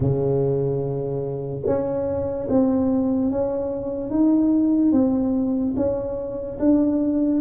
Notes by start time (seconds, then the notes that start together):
0.00 C#3
1.66 C#4
2.49 C4
3.31 C#4
4.10 D#4
4.92 C4
5.76 C#4
6.59 D4